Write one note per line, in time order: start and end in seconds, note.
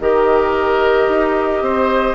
0.00 1.09 D#3
0.00 2.15 G4
0.00 1.64 A#4
0.00 2.15 D#5
1.09 1.62 D#4
1.62 2.15 C4
1.62 2.15 C5